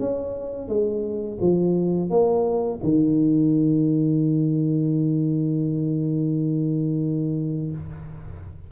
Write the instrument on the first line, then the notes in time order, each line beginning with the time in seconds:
tuba
0.00 C#4
0.69 G#3
1.41 F3
2.11 A#3
2.84 D#3